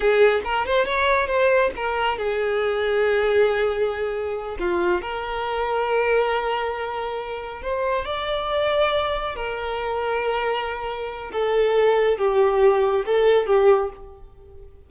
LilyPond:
\new Staff \with { instrumentName = "violin" } { \time 4/4 \tempo 4 = 138 gis'4 ais'8 c''8 cis''4 c''4 | ais'4 gis'2.~ | gis'2~ gis'8 f'4 ais'8~ | ais'1~ |
ais'4. c''4 d''4.~ | d''4. ais'2~ ais'8~ | ais'2 a'2 | g'2 a'4 g'4 | }